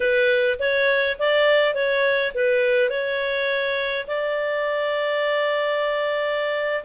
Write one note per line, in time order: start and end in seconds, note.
0.00 0.58 B4
0.59 1.17 C#5
1.18 1.74 D5
1.74 2.32 C#5
2.34 2.89 B4
2.89 4.06 C#5
4.07 6.83 D5